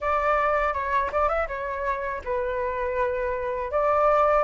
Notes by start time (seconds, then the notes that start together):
0.00 D5
0.73 C#5
1.11 D5
1.28 E5
1.47 C#5
2.24 B4
3.71 D5